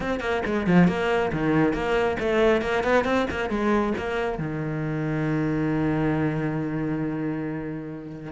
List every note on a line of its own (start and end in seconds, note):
0.00 0.20 C4
0.20 0.42 A#3
0.45 0.66 G#3
0.66 0.87 F3
0.87 1.31 A#3
1.32 1.73 D#3
1.73 2.17 A#3
2.19 2.61 A3
2.61 2.83 A#3
2.83 3.04 B3
3.04 3.26 C4
3.30 3.49 A#3
3.49 3.93 G#3
3.97 4.38 A#3
4.38 8.32 D#3